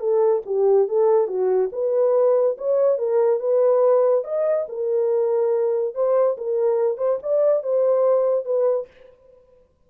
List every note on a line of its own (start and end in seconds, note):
0.00 0.42 A4
0.46 0.88 G4
0.88 1.28 A4
1.28 1.70 F#4
1.72 2.57 B4
2.58 2.98 C#5
2.98 3.40 A#4
3.40 4.24 B4
4.24 4.66 D#5
4.69 5.95 A#4
5.95 6.37 C5
6.37 6.98 A#4
6.98 7.19 C5
7.23 7.63 D5
7.63 8.45 C5
8.45 8.87 B4